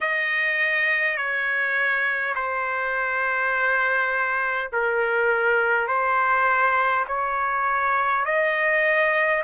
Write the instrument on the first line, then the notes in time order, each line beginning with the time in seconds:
trumpet
0.00 D#5
1.17 C#5
2.35 C5
4.72 A#4
5.87 C5
7.07 C#5
8.25 D#5